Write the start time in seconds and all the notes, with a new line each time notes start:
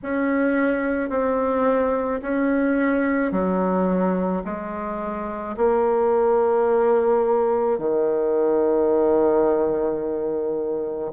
0.03 C#4
1.09 C4
2.22 C#4
3.31 F#3
4.44 G#3
5.57 A#3
7.78 D#3